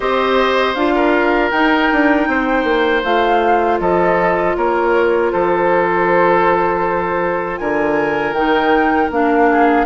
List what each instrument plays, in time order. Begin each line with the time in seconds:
0.00 bassoon C4, clarinet G4, oboe C5, flute D#5
0.74 bassoon D4, clarinet F4, flute F5
0.95 oboe A#4
1.50 bassoon D#4, clarinet D#4, flute G5
1.92 bassoon D4
2.27 bassoon C4, oboe C5
2.64 bassoon A#3
3.02 bassoon A3, clarinet F4, flute F5
3.80 bassoon F3, oboe A4, flute D#5
4.56 bassoon A#3, oboe A#4, flute C#5
5.31 bassoon F3, oboe A4, flute C5
7.57 bassoon D3, oboe A#4, flute G#5
8.32 bassoon D#3, clarinet D#4, flute G5
9.10 bassoon A#3, clarinet D4, flute F5
9.50 oboe G#4